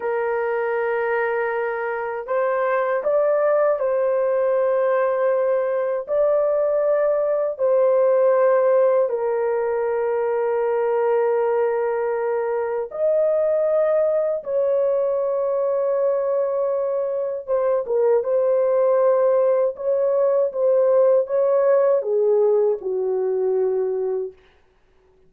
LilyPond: \new Staff \with { instrumentName = "horn" } { \time 4/4 \tempo 4 = 79 ais'2. c''4 | d''4 c''2. | d''2 c''2 | ais'1~ |
ais'4 dis''2 cis''4~ | cis''2. c''8 ais'8 | c''2 cis''4 c''4 | cis''4 gis'4 fis'2 | }